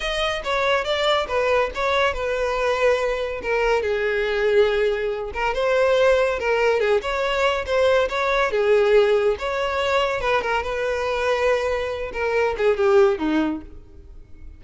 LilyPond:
\new Staff \with { instrumentName = "violin" } { \time 4/4 \tempo 4 = 141 dis''4 cis''4 d''4 b'4 | cis''4 b'2. | ais'4 gis'2.~ | gis'8 ais'8 c''2 ais'4 |
gis'8 cis''4. c''4 cis''4 | gis'2 cis''2 | b'8 ais'8 b'2.~ | b'8 ais'4 gis'8 g'4 dis'4 | }